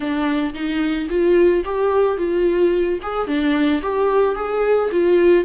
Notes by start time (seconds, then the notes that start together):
0.00 D4
0.53 D#4
1.09 F4
1.65 G4
2.17 F4
3.02 G#4
3.27 D4
3.82 G4
4.35 G#4
4.91 F4